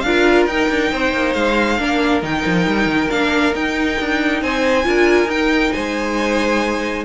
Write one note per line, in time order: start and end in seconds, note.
0.00 0.47 D4
0.00 0.44 F5
0.06 0.50 F4
0.06 0.92 A#4
0.47 0.69 D#4
0.47 1.78 D#4
0.47 1.33 G5
0.69 0.91 D4
0.92 1.12 C4
0.92 1.80 C5
1.12 1.34 A#3
1.33 1.78 G#3
1.33 2.21 F5
1.78 2.22 A#3
1.78 2.22 D4
1.78 4.42 A#4
2.22 2.44 D#3
2.22 3.09 D#4
2.22 3.10 G5
2.46 2.67 F3
2.67 2.86 G3
2.86 3.07 D#3
3.10 3.54 A#3
3.10 3.54 D4
3.10 3.54 F5
3.54 3.98 D#4
3.54 4.83 D#4
3.54 4.42 G5
4.00 4.42 D4
4.42 4.85 C4
4.42 4.86 C5
4.42 5.30 G#5
4.83 5.25 D4
4.83 5.27 F4
4.83 5.74 A#4
5.25 5.69 D#4
5.25 7.05 D#4
5.25 5.72 G5
5.72 7.05 G#3
5.72 7.05 C5
5.72 7.04 G#5